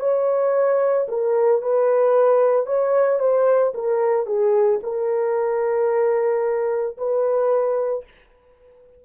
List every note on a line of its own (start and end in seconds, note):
0.00 1.07 C#5
1.08 1.62 A#4
1.62 2.66 B4
2.66 3.19 C#5
3.19 3.73 C5
3.74 4.26 A#4
4.26 4.80 G#4
4.83 6.97 A#4
6.98 8.05 B4